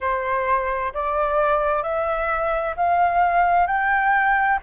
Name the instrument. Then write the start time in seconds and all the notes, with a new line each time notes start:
flute
0.00 C5
0.93 D5
1.83 E5
2.76 F5
3.67 G5